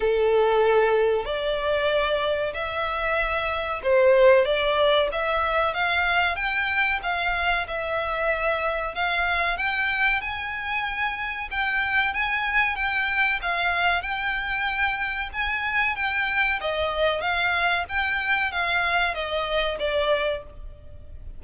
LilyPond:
\new Staff \with { instrumentName = "violin" } { \time 4/4 \tempo 4 = 94 a'2 d''2 | e''2 c''4 d''4 | e''4 f''4 g''4 f''4 | e''2 f''4 g''4 |
gis''2 g''4 gis''4 | g''4 f''4 g''2 | gis''4 g''4 dis''4 f''4 | g''4 f''4 dis''4 d''4 | }